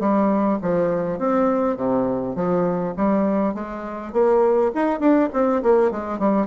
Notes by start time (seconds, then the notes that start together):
0.00 G3
0.62 F3
1.19 C4
1.77 C3
2.36 F3
2.97 G3
3.54 G#3
4.13 A#3
4.75 D#4
5.00 D4
5.33 C4
5.63 A#3
5.91 G#3
6.19 G3